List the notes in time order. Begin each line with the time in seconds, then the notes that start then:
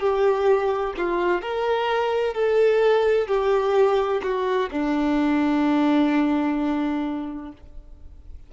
0.00 G4
0.97 F4
1.41 A#4
2.34 A4
3.28 G4
4.23 F#4
4.71 D4